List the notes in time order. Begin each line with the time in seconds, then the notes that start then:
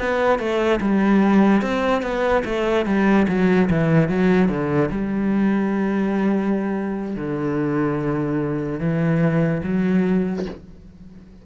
0.00 B3
0.39 A3
0.81 G3
1.62 C4
2.03 B3
2.46 A3
2.86 G3
3.29 F#3
3.71 E3
4.09 F#3
4.49 D3
4.91 G3
7.16 D3
8.80 E3
9.64 F#3